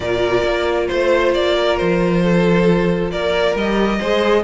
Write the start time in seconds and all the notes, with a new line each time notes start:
0.00 A#2 F4 A#4 D5
0.44 A#3
0.87 A3 C5
1.33 A#3 D5
1.56 A#4
1.77 F3 C5
2.23 A4
3.11 A#3 A#4 D5
3.55 G3 G4 D#5
3.98 G#3 G#4 C5